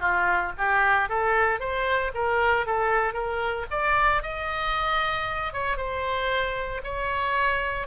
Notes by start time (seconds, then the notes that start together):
0.00 F4
0.58 G4
1.09 A4
1.60 C5
2.14 A#4
2.66 A4
3.14 A#4
3.71 D5
4.23 D#5
5.53 C#5
5.77 C5
6.84 C#5